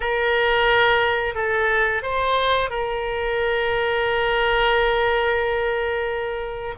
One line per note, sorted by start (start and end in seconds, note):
0.00 1.35 A#4
1.35 2.02 A4
2.02 2.70 C5
2.70 6.74 A#4